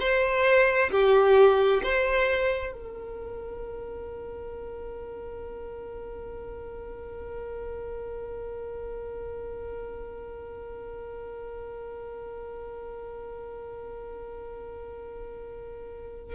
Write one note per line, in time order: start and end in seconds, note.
0.00 0.91 C5
0.91 1.82 G4
1.83 2.73 C5
2.73 16.36 A#4